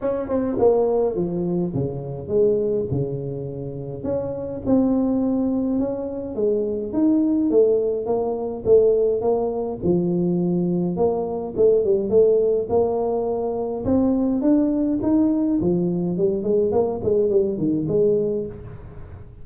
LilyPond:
\new Staff \with { instrumentName = "tuba" } { \time 4/4 \tempo 4 = 104 cis'8 c'8 ais4 f4 cis4 | gis4 cis2 cis'4 | c'2 cis'4 gis4 | dis'4 a4 ais4 a4 |
ais4 f2 ais4 | a8 g8 a4 ais2 | c'4 d'4 dis'4 f4 | g8 gis8 ais8 gis8 g8 dis8 gis4 | }